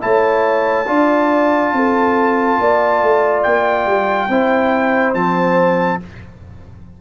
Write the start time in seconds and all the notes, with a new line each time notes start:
0.00 A3 E4 C#5 A5
0.87 D4 F4 D5
1.73 C4 A4
2.59 A#3 D5
3.02 A3
3.43 A#3 G5
3.86 G3
4.28 C4 E4 C5
5.14 F3 C4 A5